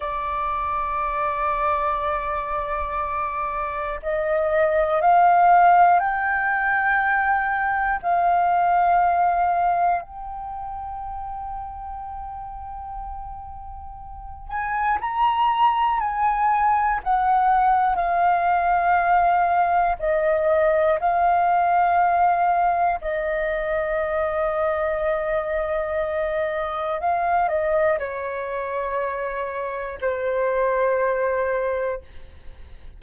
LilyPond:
\new Staff \with { instrumentName = "flute" } { \time 4/4 \tempo 4 = 60 d''1 | dis''4 f''4 g''2 | f''2 g''2~ | g''2~ g''8 gis''8 ais''4 |
gis''4 fis''4 f''2 | dis''4 f''2 dis''4~ | dis''2. f''8 dis''8 | cis''2 c''2 | }